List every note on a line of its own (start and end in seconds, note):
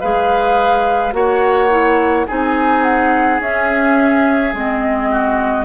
0.00 1.13 G#3
0.00 1.12 G#4
0.00 1.13 B4
0.00 1.13 F5
1.12 2.26 A#3
1.12 1.69 F#4
1.12 2.27 C#5
1.12 2.27 F#5
1.70 2.26 E4
2.27 3.40 C4
2.27 3.40 D#4
2.27 5.10 G#4
2.27 2.83 G#5
2.83 3.40 F#5
3.40 4.53 C#4
3.40 4.54 C#4
3.40 4.55 E5
4.54 5.65 G#3
4.54 5.65 C4
4.54 5.65 D#5
5.11 5.65 F#4